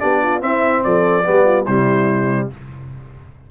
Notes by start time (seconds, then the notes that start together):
0.00 B3 D4 G4 D5
0.23 F4
0.41 C4 E4 E5
0.84 F3 A4 D5
1.25 G3 B3 G4
1.45 F4
1.65 C3 G3 E4 C5